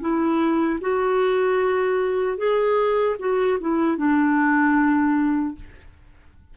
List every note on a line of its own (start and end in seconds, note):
0.00 0.79 E4
0.80 2.37 F#4
2.37 3.16 G#4
3.19 3.58 F#4
3.60 3.97 E4
3.97 5.55 D4